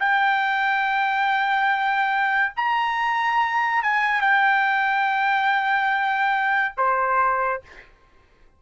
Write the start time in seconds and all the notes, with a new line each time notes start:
0.00 G5
2.57 A#5
3.83 G#5
4.21 G5
6.78 C5